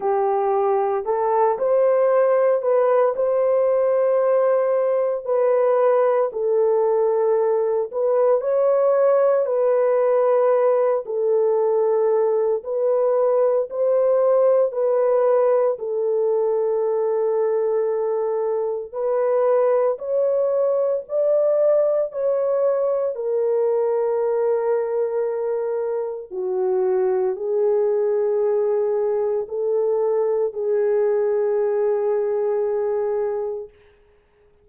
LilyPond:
\new Staff \with { instrumentName = "horn" } { \time 4/4 \tempo 4 = 57 g'4 a'8 c''4 b'8 c''4~ | c''4 b'4 a'4. b'8 | cis''4 b'4. a'4. | b'4 c''4 b'4 a'4~ |
a'2 b'4 cis''4 | d''4 cis''4 ais'2~ | ais'4 fis'4 gis'2 | a'4 gis'2. | }